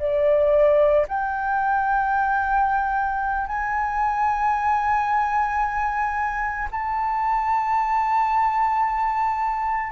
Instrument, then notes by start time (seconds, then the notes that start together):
flute
0.00 D5
1.09 G5
3.47 G#5
6.72 A5